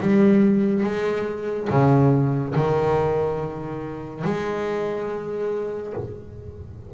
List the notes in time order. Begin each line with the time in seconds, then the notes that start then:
0.00 G3
0.83 G#3
1.69 C#3
2.55 D#3
4.24 G#3